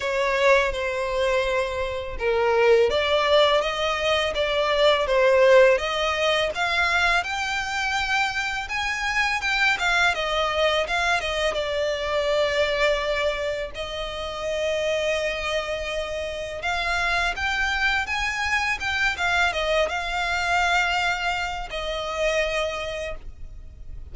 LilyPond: \new Staff \with { instrumentName = "violin" } { \time 4/4 \tempo 4 = 83 cis''4 c''2 ais'4 | d''4 dis''4 d''4 c''4 | dis''4 f''4 g''2 | gis''4 g''8 f''8 dis''4 f''8 dis''8 |
d''2. dis''4~ | dis''2. f''4 | g''4 gis''4 g''8 f''8 dis''8 f''8~ | f''2 dis''2 | }